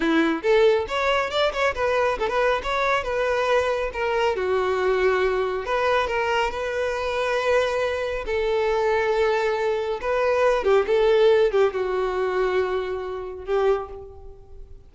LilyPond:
\new Staff \with { instrumentName = "violin" } { \time 4/4 \tempo 4 = 138 e'4 a'4 cis''4 d''8 cis''8 | b'4 a'16 b'8. cis''4 b'4~ | b'4 ais'4 fis'2~ | fis'4 b'4 ais'4 b'4~ |
b'2. a'4~ | a'2. b'4~ | b'8 g'8 a'4. g'8 fis'4~ | fis'2. g'4 | }